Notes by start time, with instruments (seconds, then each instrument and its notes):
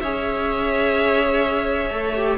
0.00 cello C#4, viola G#4, violin C#5 E5
1.90 cello A3, viola A4
2.16 viola G4